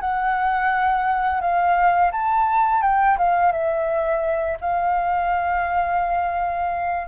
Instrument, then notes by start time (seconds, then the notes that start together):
flute
0.00 F#5
1.41 F5
2.11 A5
2.82 G5
3.18 F5
3.52 E5
4.60 F5